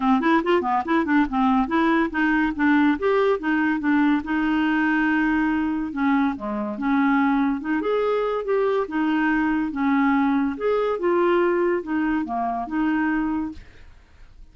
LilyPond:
\new Staff \with { instrumentName = "clarinet" } { \time 4/4 \tempo 4 = 142 c'8 e'8 f'8 b8 e'8 d'8 c'4 | e'4 dis'4 d'4 g'4 | dis'4 d'4 dis'2~ | dis'2 cis'4 gis4 |
cis'2 dis'8 gis'4. | g'4 dis'2 cis'4~ | cis'4 gis'4 f'2 | dis'4 ais4 dis'2 | }